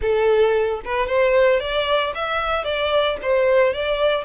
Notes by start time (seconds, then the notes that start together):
0.01 A4
0.84 B4
1.06 C5
1.60 D5
2.14 E5
2.64 D5
3.22 C5
3.73 D5